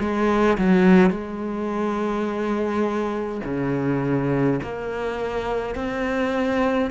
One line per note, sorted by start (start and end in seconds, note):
0.00 0.58 G#3
0.58 1.10 F#3
1.10 3.41 G#3
3.45 4.60 C#3
4.63 5.75 A#3
5.75 6.90 C4